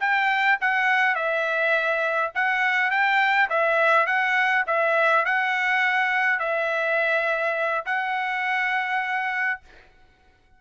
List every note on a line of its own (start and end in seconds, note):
0.00 0.58 G5
0.61 1.15 F#5
1.15 2.32 E5
2.35 2.90 F#5
2.90 3.49 G5
3.50 4.06 E5
4.06 4.65 F#5
4.67 5.25 E5
5.25 6.39 F#5
6.39 7.85 E5
7.85 9.60 F#5